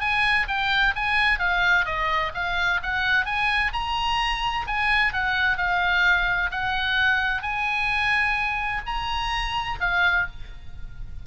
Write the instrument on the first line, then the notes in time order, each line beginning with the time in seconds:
oboe
0.00 G#5
0.48 G5
0.95 G#5
1.39 F5
1.85 D#5
2.34 F5
2.82 F#5
3.25 G#5
3.73 A#5
4.67 G#5
5.12 F#5
5.57 F5
6.51 F#5
7.42 G#5
8.86 A#5
9.80 F5